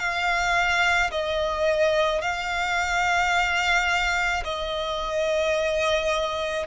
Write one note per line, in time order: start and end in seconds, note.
0.00 1.11 F5
1.12 2.22 D#5
2.22 4.44 F5
4.44 6.67 D#5